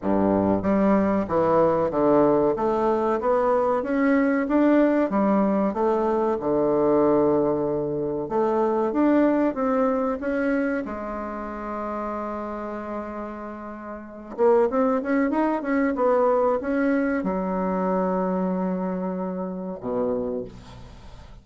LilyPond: \new Staff \with { instrumentName = "bassoon" } { \time 4/4 \tempo 4 = 94 g,4 g4 e4 d4 | a4 b4 cis'4 d'4 | g4 a4 d2~ | d4 a4 d'4 c'4 |
cis'4 gis2.~ | gis2~ gis8 ais8 c'8 cis'8 | dis'8 cis'8 b4 cis'4 fis4~ | fis2. b,4 | }